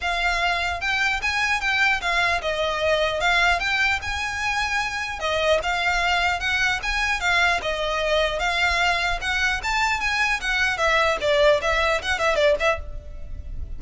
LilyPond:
\new Staff \with { instrumentName = "violin" } { \time 4/4 \tempo 4 = 150 f''2 g''4 gis''4 | g''4 f''4 dis''2 | f''4 g''4 gis''2~ | gis''4 dis''4 f''2 |
fis''4 gis''4 f''4 dis''4~ | dis''4 f''2 fis''4 | a''4 gis''4 fis''4 e''4 | d''4 e''4 fis''8 e''8 d''8 e''8 | }